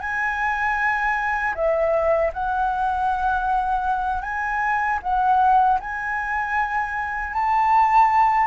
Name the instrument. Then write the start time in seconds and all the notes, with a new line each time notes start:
flute
0.00 G#5
1.55 E5
2.33 F#5
4.22 G#5
5.02 F#5
5.80 G#5
7.33 A5